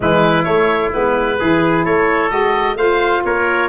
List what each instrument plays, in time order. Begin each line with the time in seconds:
0.00 tuba E3, saxophone G#3, trumpet E4, oboe B4
0.43 saxophone A3, tuba A3, oboe C#5
0.92 tuba G#3, saxophone B3, oboe B4
1.39 tuba E3, saxophone E4, trumpet G#4
1.84 tuba A3, trumpet A4, oboe C#5
2.29 tuba G#3, saxophone F#4, oboe D#5
2.76 tuba A3, saxophone F4, trumpet C5, oboe F5
3.24 tuba A#3, trumpet A#4, oboe C#5